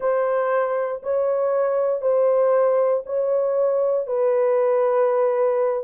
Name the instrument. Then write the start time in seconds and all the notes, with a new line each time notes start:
horn
0.00 C5
1.02 C#5
2.01 C5
3.06 C#5
4.06 B4